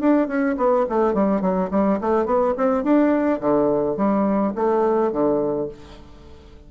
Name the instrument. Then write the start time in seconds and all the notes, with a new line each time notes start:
bassoon
0.00 D4
0.28 C#4
0.57 B3
0.89 A3
1.14 G3
1.41 F#3
1.71 G3
2.01 A3
2.25 B3
2.57 C4
2.83 D4
3.40 D3
3.96 G3
4.55 A3
5.12 D3